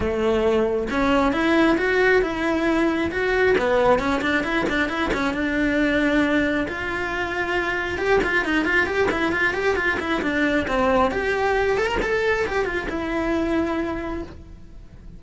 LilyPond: \new Staff \with { instrumentName = "cello" } { \time 4/4 \tempo 4 = 135 a2 cis'4 e'4 | fis'4 e'2 fis'4 | b4 cis'8 d'8 e'8 d'8 e'8 cis'8 | d'2. f'4~ |
f'2 g'8 f'8 dis'8 f'8 | g'8 e'8 f'8 g'8 f'8 e'8 d'4 | c'4 g'4. a'16 ais'16 a'4 | g'8 f'8 e'2. | }